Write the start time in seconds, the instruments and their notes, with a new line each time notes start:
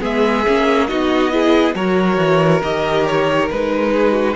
0.00 cello G#3, viola B3, violin G#4 E5
0.47 cello A#3, viola C#4
0.87 cello B3, viola D#4, violin F#4 D#5
1.31 viola E4, violin G#4
1.75 cello F#3, viola F#4, violin A#4 C#5
2.18 cello E3
2.63 cello D#3, viola G4, violin D#5
3.06 violin C#5
3.50 cello G#3, viola D#4, violin B4
3.93 violin G#4
4.12 violin F#4